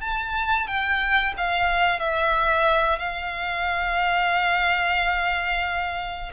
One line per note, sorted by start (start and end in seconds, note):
0.00 0.67 A5
0.67 1.33 G5
1.37 1.99 F5
1.99 2.98 E5
2.98 6.32 F5